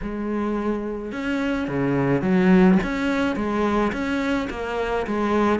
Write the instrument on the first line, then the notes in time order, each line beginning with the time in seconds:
cello
0.02 G#3
1.12 C#4
1.67 C#3
2.21 F#3
2.83 C#4
3.35 G#3
3.92 C#4
4.50 A#3
5.06 G#3